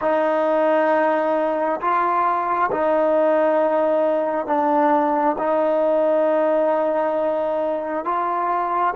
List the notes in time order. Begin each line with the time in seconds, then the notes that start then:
0.01 D#4
1.80 F4
2.71 D#4
4.46 D4
5.38 D#4
8.04 F4